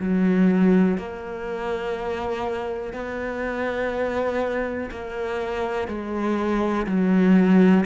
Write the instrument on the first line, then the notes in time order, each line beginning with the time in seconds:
cello
0.00 F#3
0.98 A#3
2.93 B3
4.91 A#3
5.88 G#3
6.87 F#3